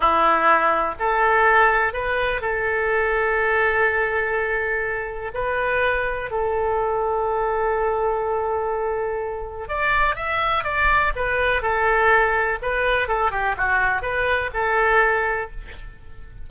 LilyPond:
\new Staff \with { instrumentName = "oboe" } { \time 4/4 \tempo 4 = 124 e'2 a'2 | b'4 a'2.~ | a'2. b'4~ | b'4 a'2.~ |
a'1 | d''4 e''4 d''4 b'4 | a'2 b'4 a'8 g'8 | fis'4 b'4 a'2 | }